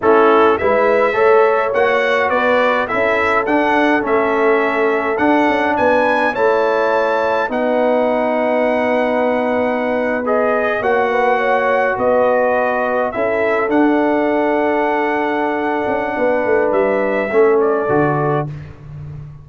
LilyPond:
<<
  \new Staff \with { instrumentName = "trumpet" } { \time 4/4 \tempo 4 = 104 a'4 e''2 fis''4 | d''4 e''4 fis''4 e''4~ | e''4 fis''4 gis''4 a''4~ | a''4 fis''2.~ |
fis''4.~ fis''16 dis''4 fis''4~ fis''16~ | fis''8. dis''2 e''4 fis''16~ | fis''1~ | fis''4 e''4. d''4. | }
  \new Staff \with { instrumentName = "horn" } { \time 4/4 e'4 b'4 cis''2 | b'4 a'2.~ | a'2 b'4 cis''4~ | cis''4 b'2.~ |
b'2~ b'8. cis''8 b'8 cis''16~ | cis''8. b'2 a'4~ a'16~ | a'1 | b'2 a'2 | }
  \new Staff \with { instrumentName = "trombone" } { \time 4/4 cis'4 e'4 a'4 fis'4~ | fis'4 e'4 d'4 cis'4~ | cis'4 d'2 e'4~ | e'4 dis'2.~ |
dis'4.~ dis'16 gis'4 fis'4~ fis'16~ | fis'2~ fis'8. e'4 d'16~ | d'1~ | d'2 cis'4 fis'4 | }
  \new Staff \with { instrumentName = "tuba" } { \time 4/4 a4 gis4 a4 ais4 | b4 cis'4 d'4 a4~ | a4 d'8 cis'8 b4 a4~ | a4 b2.~ |
b2~ b8. ais4~ ais16~ | ais8. b2 cis'4 d'16~ | d'2.~ d'8 cis'8 | b8 a8 g4 a4 d4 | }
>>